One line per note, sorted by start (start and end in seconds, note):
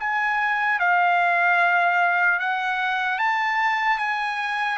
0.00 0.80 G#5
0.80 2.40 F5
2.40 3.19 F#5
3.19 3.99 A5
3.99 4.79 G#5